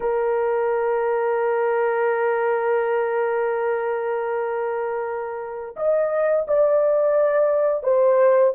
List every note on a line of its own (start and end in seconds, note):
0.00 5.75 A#4
5.76 6.46 D#5
6.47 7.83 D5
7.83 8.53 C5